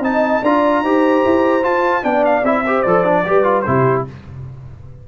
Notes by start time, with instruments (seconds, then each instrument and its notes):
0.00 tuba C4, trombone D#4, horn D#5, trumpet A5
0.42 tuba D4, trombone F4, horn D5, trumpet A#5
0.82 tuba D#4, trombone G4, horn C5
1.25 tuba E4
1.63 trombone F4, tuba F4, trumpet A5
2.03 tuba B3, trombone D4, horn D5, trumpet G5
2.25 trumpet F5
2.43 tuba C4, trombone E4, trumpet E5
2.63 trombone G4, horn C5
2.82 tuba F3, trombone A4, trumpet D5
3.04 trombone D4
3.25 tuba G3, trombone G4, horn B4
3.43 trombone F4
3.61 tuba C3, trombone E4, trumpet C5
3.68 horn G4